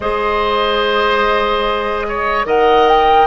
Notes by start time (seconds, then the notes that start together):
0.00 G#3 G#4 C5 D#5
2.08 C#5
2.45 D#3 A#4 D#5 F#5
2.87 G5